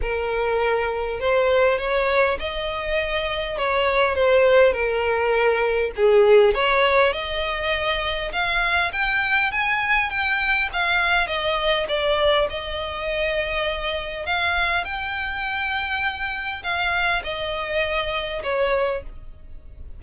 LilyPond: \new Staff \with { instrumentName = "violin" } { \time 4/4 \tempo 4 = 101 ais'2 c''4 cis''4 | dis''2 cis''4 c''4 | ais'2 gis'4 cis''4 | dis''2 f''4 g''4 |
gis''4 g''4 f''4 dis''4 | d''4 dis''2. | f''4 g''2. | f''4 dis''2 cis''4 | }